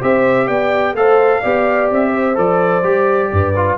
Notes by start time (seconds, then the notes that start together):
0.00 C4 G4 C5 E5
0.46 B3 D5 G5
0.94 A3 A4 C5 F5
1.40 B3 G4 D5
1.91 C4 E5
2.13 C5
2.35 F3 A4 D5
2.83 G3 G4
3.32 G2 B4
3.56 F4